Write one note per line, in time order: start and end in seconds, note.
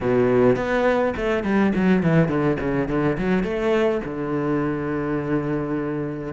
0.01 0.56 B2
0.56 1.14 B3
1.16 1.43 A3
1.43 1.72 G3
1.75 2.02 F#3
2.02 2.28 E3
2.28 2.57 D3
2.60 2.88 C#3
2.88 3.17 D3
3.18 3.43 F#3
3.43 4.01 A3
4.05 6.33 D3